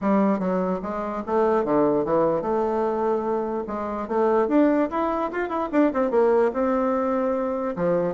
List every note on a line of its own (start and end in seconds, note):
0.01 0.39 G3
0.39 0.80 F#3
0.82 1.23 G#3
1.26 1.64 A3
1.64 2.04 D3
2.04 2.41 E3
2.41 3.64 A3
3.67 4.08 G#3
4.08 4.48 A3
4.48 4.89 D4
4.90 5.31 E4
5.31 5.48 F4
5.48 5.69 E4
5.71 5.92 D4
5.93 6.10 C4
6.10 6.51 A#3
6.53 7.75 C4
7.76 8.14 F3